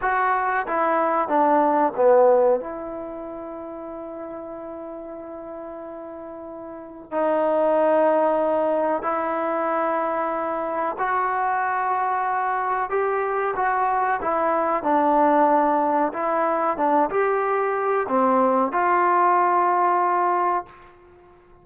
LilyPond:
\new Staff \with { instrumentName = "trombone" } { \time 4/4 \tempo 4 = 93 fis'4 e'4 d'4 b4 | e'1~ | e'2. dis'4~ | dis'2 e'2~ |
e'4 fis'2. | g'4 fis'4 e'4 d'4~ | d'4 e'4 d'8 g'4. | c'4 f'2. | }